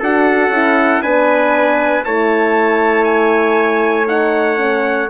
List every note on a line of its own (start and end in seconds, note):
0.00 0.49 D4
0.00 0.53 F#4
0.00 1.02 A4
0.00 1.02 F#5
0.49 1.00 C#4
0.49 1.03 E4
1.02 2.05 B3
1.02 2.05 D4
1.02 2.04 B4
1.02 2.04 G#5
2.05 5.10 A3
2.05 4.07 E4
2.05 5.10 C#5
2.05 3.05 A5
3.05 4.06 G#5
4.07 4.57 D#4
4.07 5.10 F#5
4.57 5.08 C#4